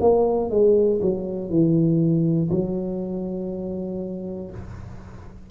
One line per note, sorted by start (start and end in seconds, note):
0.00 0.50 A#3
0.50 1.00 G#3
1.01 1.50 F#3
1.50 2.50 E3
2.50 4.50 F#3